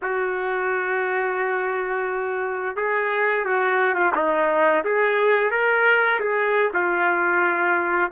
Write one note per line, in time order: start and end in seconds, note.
0.02 2.76 F#4
2.76 3.45 G#4
3.45 3.94 F#4
3.94 4.12 F4
4.15 4.84 D#4
4.84 5.50 G#4
5.50 6.19 A#4
6.19 6.71 G#4
6.73 8.11 F4